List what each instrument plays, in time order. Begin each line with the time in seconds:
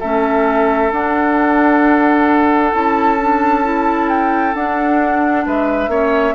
0.00 bassoon A3, clarinet C#4, oboe A4, flute E5
0.92 bassoon D4, clarinet D4, flute F#5
2.72 bassoon C#4, clarinet E4, flute A5
3.21 clarinet D4
3.64 clarinet E4
4.09 flute G5
4.54 clarinet D4, bassoon D4, flute F#5
5.46 bassoon G#3, oboe B4, flute E5
5.88 bassoon A#3, clarinet C#4, oboe C#5